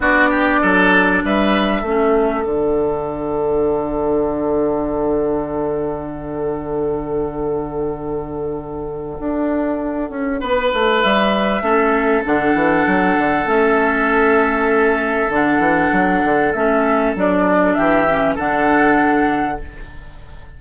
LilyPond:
<<
  \new Staff \with { instrumentName = "flute" } { \time 4/4 \tempo 4 = 98 d''2 e''2 | fis''1~ | fis''1~ | fis''1~ |
fis''2 e''2 | fis''2 e''2~ | e''4 fis''2 e''4 | d''4 e''4 fis''2 | }
  \new Staff \with { instrumentName = "oboe" } { \time 4/4 fis'8 g'8 a'4 b'4 a'4~ | a'1~ | a'1~ | a'1~ |
a'4 b'2 a'4~ | a'1~ | a'1~ | a'4 g'4 a'2 | }
  \new Staff \with { instrumentName = "clarinet" } { \time 4/4 d'2. cis'4 | d'1~ | d'1~ | d'1~ |
d'2. cis'4 | d'2 cis'2~ | cis'4 d'2 cis'4 | d'4. cis'8 d'2 | }
  \new Staff \with { instrumentName = "bassoon" } { \time 4/4 b4 fis4 g4 a4 | d1~ | d1~ | d2. d'4~ |
d'8 cis'8 b8 a8 g4 a4 | d8 e8 fis8 d8 a2~ | a4 d8 e8 fis8 d8 a4 | fis4 e4 d2 | }
>>